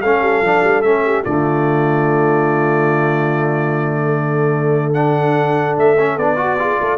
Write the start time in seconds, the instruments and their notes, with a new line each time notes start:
0.00 tuba A3, trombone C#4, horn A4, trumpet F5
0.22 tuba G3
0.42 tuba F3, trombone D4
0.64 tuba G3
0.82 tuba A3, trombone C#4, trumpet E5
1.05 horn G4
1.24 tuba D3, trombone A3, horn F4, trumpet D5
4.05 horn A4
4.93 trombone D4, trumpet F#5
5.78 tuba A3, trumpet E5
5.98 trombone C#4
6.17 tuba B3, trombone D4, trumpet D5
6.36 trombone F#4, horn F#4
6.59 trombone F4, horn G#4
6.80 tuba A3, horn A4